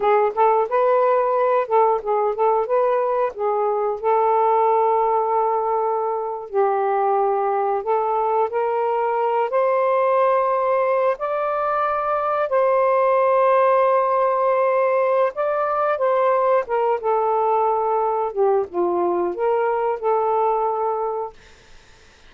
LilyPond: \new Staff \with { instrumentName = "saxophone" } { \time 4/4 \tempo 4 = 90 gis'8 a'8 b'4. a'8 gis'8 a'8 | b'4 gis'4 a'2~ | a'4.~ a'16 g'2 a'16~ | a'8. ais'4. c''4.~ c''16~ |
c''8. d''2 c''4~ c''16~ | c''2. d''4 | c''4 ais'8 a'2 g'8 | f'4 ais'4 a'2 | }